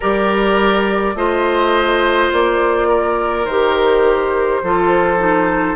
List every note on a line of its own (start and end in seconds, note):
0.00 1.14 G3
0.00 1.15 G4
0.00 1.14 A#4
0.00 1.16 D5
1.14 2.30 A3
1.14 3.46 F4
1.14 2.88 C5
1.14 2.31 D#5
2.32 3.45 A#3
2.32 3.45 D5
2.88 4.61 A#4
3.45 4.60 D#3
3.45 4.63 G4
3.45 5.76 C5
4.62 5.76 F3
4.62 5.18 F4
4.62 5.76 A4
5.18 5.76 D#4